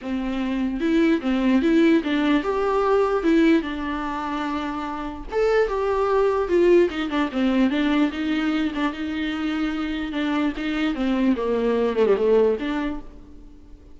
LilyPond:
\new Staff \with { instrumentName = "viola" } { \time 4/4 \tempo 4 = 148 c'2 e'4 c'4 | e'4 d'4 g'2 | e'4 d'2.~ | d'4 a'4 g'2 |
f'4 dis'8 d'8 c'4 d'4 | dis'4. d'8 dis'2~ | dis'4 d'4 dis'4 c'4 | ais4. a16 g16 a4 d'4 | }